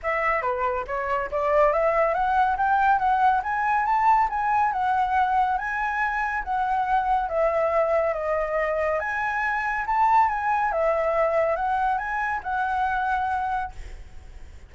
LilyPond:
\new Staff \with { instrumentName = "flute" } { \time 4/4 \tempo 4 = 140 e''4 b'4 cis''4 d''4 | e''4 fis''4 g''4 fis''4 | gis''4 a''4 gis''4 fis''4~ | fis''4 gis''2 fis''4~ |
fis''4 e''2 dis''4~ | dis''4 gis''2 a''4 | gis''4 e''2 fis''4 | gis''4 fis''2. | }